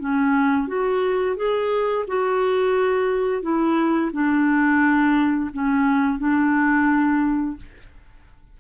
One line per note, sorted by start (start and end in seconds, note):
0.00 0.67 C#4
0.67 1.36 F#4
1.36 2.05 G#4
2.08 3.42 F#4
3.42 4.11 E4
4.13 5.51 D4
5.53 6.19 C#4
6.19 7.57 D4